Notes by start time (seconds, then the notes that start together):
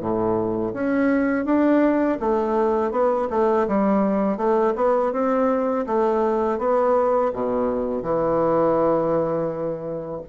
0.00 A2
0.74 C#4
1.45 D4
2.20 A3
2.91 B3
3.30 A3
3.68 G3
4.37 A3
4.76 B3
5.13 C4
5.87 A3
6.59 B3
7.34 B2
8.03 E3